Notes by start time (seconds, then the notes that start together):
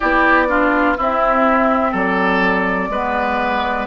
0.00 B3 E4 G4 D5
0.48 D4 F4
0.97 C4 E4 E5
1.91 F#3 A4 D5
2.89 G#3 B3 B4